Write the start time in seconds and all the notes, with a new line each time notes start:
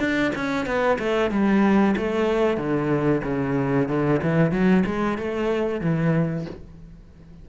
0.00 D4
0.36 C#4
0.66 B3
0.99 A3
1.31 G3
1.97 A3
2.57 D3
3.24 C#3
3.89 D3
4.23 E3
4.52 F#3
4.86 G#3
5.18 A3
5.81 E3